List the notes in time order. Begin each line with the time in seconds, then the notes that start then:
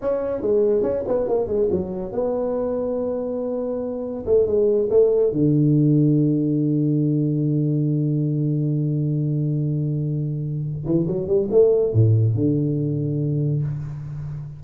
0.01 C#4
0.41 G#3
0.82 C#4
1.07 B3
1.28 A#3
1.47 G#3
1.71 F#3
2.12 B3
4.26 A3
4.46 G#3
4.89 A3
5.32 D3
10.85 E3
11.07 F#3
11.27 G3
11.50 A3
11.93 A2
12.34 D3